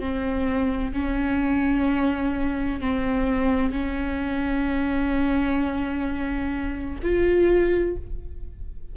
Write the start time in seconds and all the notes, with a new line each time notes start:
0.00 C4
0.94 C#4
2.81 C4
3.72 C#4
7.03 F4